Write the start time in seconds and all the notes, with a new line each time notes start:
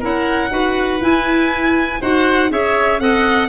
0.00 C#4 E4 A#4 F#5
0.50 D#4 F#4 B4
1.01 E4 G#5
2.01 D#4 F#4 C5 F#5
2.50 C#4 G#4 C#5 E5
3.00 C4 A4 D#5 F#5